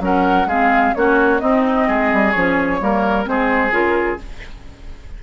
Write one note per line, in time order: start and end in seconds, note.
0.00 0.46 F#3
0.00 0.47 C#4
0.00 0.47 A#4
0.00 0.49 F#5
0.46 0.93 G#3
0.46 0.96 C4
0.46 0.94 G#4
0.46 0.94 F5
0.94 1.41 A#3
0.94 1.40 C#4
0.94 1.41 F#4
0.94 1.39 C#5
1.39 2.33 C4
1.39 1.88 C4
1.39 1.87 D#4
1.39 2.31 D#5
1.87 2.12 G#3
1.87 2.81 G#4
2.13 2.35 G3
2.31 2.81 F3
2.31 2.80 C#4
2.31 3.24 C#5
2.80 3.27 G3
2.80 3.24 A#3
2.80 3.30 A#4
3.24 3.71 G#3
3.24 3.70 C4
3.24 4.23 G#4
3.24 3.73 C5
3.71 4.18 C#3
3.71 4.17 F4
3.71 4.19 A#4